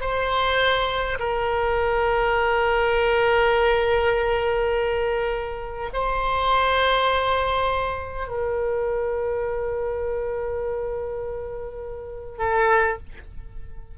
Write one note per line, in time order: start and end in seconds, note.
0.00 1.18 C5
1.19 5.89 A#4
5.93 8.27 C5
8.27 12.38 A#4
12.38 12.97 A4